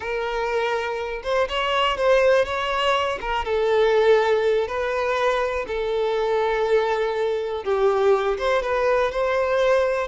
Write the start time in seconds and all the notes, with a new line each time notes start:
0.00 A#4
1.23 C5
1.49 C#5
1.97 C5
2.45 C#5
3.20 A#4
3.44 A4
4.67 B4
5.67 A4
7.63 G4
8.38 C5
8.62 B4
9.11 C5